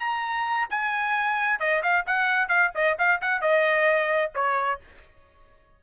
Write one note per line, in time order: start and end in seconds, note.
0.00 0.68 A#5
0.70 1.60 G#5
1.60 1.83 D#5
1.83 2.06 F5
2.07 2.49 F#5
2.49 2.71 F5
2.75 2.98 D#5
2.99 3.21 F5
3.21 3.41 F#5
3.41 4.32 D#5
4.35 4.81 C#5